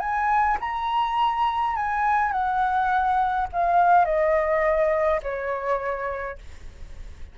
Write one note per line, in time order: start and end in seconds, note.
0.00 0.58 G#5
0.61 1.76 A#5
1.76 2.32 G#5
2.32 3.48 F#5
3.53 4.06 F5
4.06 5.21 D#5
5.23 6.39 C#5